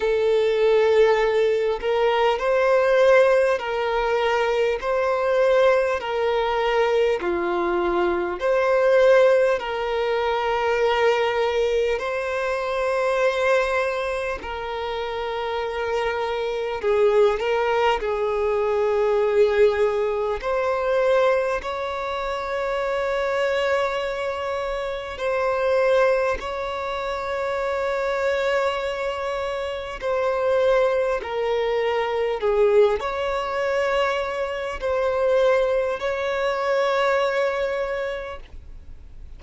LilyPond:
\new Staff \with { instrumentName = "violin" } { \time 4/4 \tempo 4 = 50 a'4. ais'8 c''4 ais'4 | c''4 ais'4 f'4 c''4 | ais'2 c''2 | ais'2 gis'8 ais'8 gis'4~ |
gis'4 c''4 cis''2~ | cis''4 c''4 cis''2~ | cis''4 c''4 ais'4 gis'8 cis''8~ | cis''4 c''4 cis''2 | }